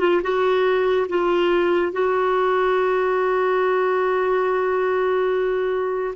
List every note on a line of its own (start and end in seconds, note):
0.00 0.21 F4
0.22 1.07 F#4
1.09 1.92 F4
1.92 6.15 F#4